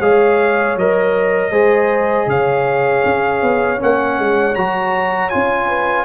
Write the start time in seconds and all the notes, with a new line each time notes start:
0.00 G#3 G#4 C#5 F5
0.76 F#3 A#4 D#5
1.51 G#3 G#4 C5
2.26 C#3 C#5 F5
3.05 C#4
3.42 B3
3.78 A#3 C#4 F#5
4.18 G#3
4.55 F#3 F#4 A#5
5.29 C#4 F4 G#5
5.68 B4